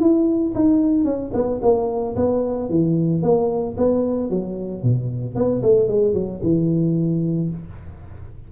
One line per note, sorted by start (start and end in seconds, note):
0.00 0.54 E4
0.55 1.05 D#4
1.05 1.32 C#4
1.34 1.61 B3
1.62 2.16 A#3
2.16 2.70 B3
2.70 3.23 E3
3.23 3.77 A#3
3.78 4.30 B3
4.30 4.83 F#3
4.83 5.36 B2
5.36 5.62 B3
5.63 5.88 A3
5.88 6.14 G#3
6.14 6.41 F#3
6.43 7.50 E3